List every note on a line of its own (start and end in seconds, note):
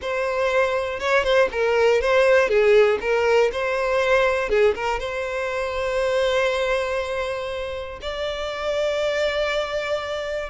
0.01 0.99 C5
0.99 1.23 C#5
1.23 1.48 C5
1.51 2.01 A#4
2.01 2.48 C5
2.48 2.98 G#4
3.00 3.50 A#4
3.52 4.49 C5
4.49 4.74 G#4
4.74 4.99 A#4
4.99 7.99 C5
8.01 10.49 D5